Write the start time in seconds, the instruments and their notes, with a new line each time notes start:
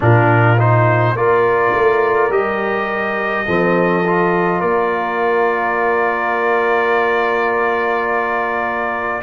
0.00 tuba A#2, trombone D4, horn F4, trumpet A#4
0.58 trombone D#4, trumpet C5
1.15 tuba A#3, trombone F4, horn A#4, trumpet D5
1.74 tuba A3
2.29 tuba G3, trombone G4, trumpet D#5
3.46 tuba F3, trombone C4, horn A4
4.06 trombone F4
4.60 tuba A#3, horn A#4, trumpet D5